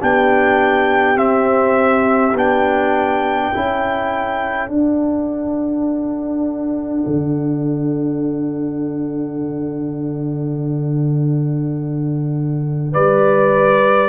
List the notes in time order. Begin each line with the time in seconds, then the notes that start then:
0.00 B3 D4 G4 G5
1.14 C4 E5
2.33 B3 D4 G5
3.52 C#4 E4 A4
4.68 D4 F#5
7.06 D3
12.92 G3 B4 D5